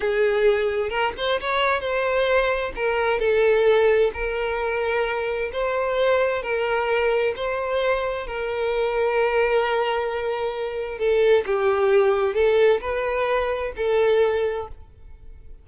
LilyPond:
\new Staff \with { instrumentName = "violin" } { \time 4/4 \tempo 4 = 131 gis'2 ais'8 c''8 cis''4 | c''2 ais'4 a'4~ | a'4 ais'2. | c''2 ais'2 |
c''2 ais'2~ | ais'1 | a'4 g'2 a'4 | b'2 a'2 | }